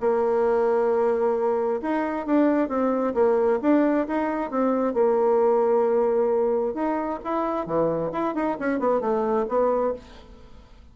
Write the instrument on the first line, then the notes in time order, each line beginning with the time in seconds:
bassoon
0.00 A#3
1.82 D#4
2.26 D4
2.68 C4
3.14 A#3
3.62 D4
4.07 D#4
4.50 C4
4.94 A#3
6.74 D#4
7.24 E4
7.66 E3
8.12 E4
8.34 D#4
8.59 C#4
8.79 B3
9.00 A3
9.48 B3